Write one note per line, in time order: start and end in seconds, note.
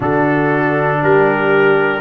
0.00 1.02 D3
0.00 2.01 D4
0.00 0.98 F#4
0.00 1.03 A4
1.02 2.01 G3
1.02 2.01 G4
1.02 2.01 A#4